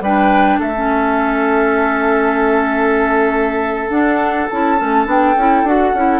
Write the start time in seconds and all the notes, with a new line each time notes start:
0.00 G3 D4 B4 G5
0.59 A3 A4 E5
0.74 C#4
3.89 D4 F#5
4.49 C#4 E4 A5
4.77 A3 C#4
5.06 B3 D4 G5
5.36 C#4 E4
5.63 D4 F#4 F#5
5.94 C#4 E4